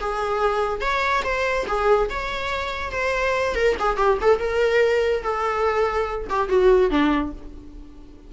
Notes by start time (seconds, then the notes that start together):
0.00 G#4
0.81 C#5
1.24 C5
1.67 G#4
2.10 C#5
2.92 C5
3.55 A#4
3.79 G#4
3.97 G4
4.21 A4
4.39 A#4
5.23 A4
6.29 G4
6.49 F#4
6.90 D4